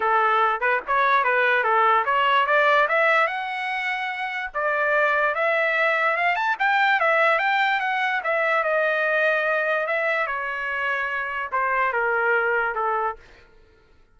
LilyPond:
\new Staff \with { instrumentName = "trumpet" } { \time 4/4 \tempo 4 = 146 a'4. b'8 cis''4 b'4 | a'4 cis''4 d''4 e''4 | fis''2. d''4~ | d''4 e''2 f''8 a''8 |
g''4 e''4 g''4 fis''4 | e''4 dis''2. | e''4 cis''2. | c''4 ais'2 a'4 | }